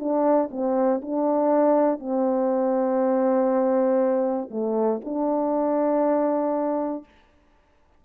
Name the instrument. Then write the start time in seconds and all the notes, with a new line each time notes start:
horn
0.00 D4
0.52 C4
1.02 D4
2.00 C4
4.51 A3
5.05 D4